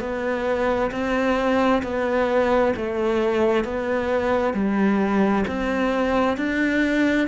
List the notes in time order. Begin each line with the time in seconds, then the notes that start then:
0.00 B3
0.91 C4
1.83 B3
2.76 A3
3.64 B3
4.54 G3
5.47 C4
6.37 D4